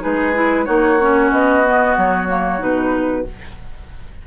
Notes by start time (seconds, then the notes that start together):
0.00 G#3 D#4 G#4 B4
0.34 E4
0.65 A#3 D#4 F#4 C#5
1.01 C#4
1.31 B3 D#5
1.65 B3
1.97 F#3 C#5
2.27 A#3
2.58 B2 D#4 B4